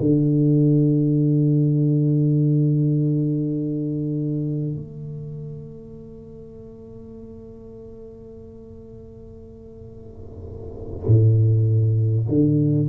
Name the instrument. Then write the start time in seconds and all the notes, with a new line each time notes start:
tuba
0.00 D3
4.76 A3
11.08 A2
12.28 D3